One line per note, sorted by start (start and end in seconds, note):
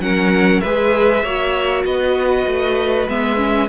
0.00 0.61 F#3
0.00 0.63 C#4
0.00 0.62 A#4
0.00 0.60 F#5
0.60 1.23 G#3
0.60 1.26 G#4
0.60 1.23 B4
0.60 1.83 E5
1.23 1.84 A#3
1.23 3.09 F#4
1.23 1.84 C#5
1.85 2.46 B3
1.85 3.68 B4
1.85 3.08 D#5
2.46 3.08 A3
3.08 3.68 G#3
3.08 3.37 B3
3.08 3.68 E5
3.37 3.67 C#4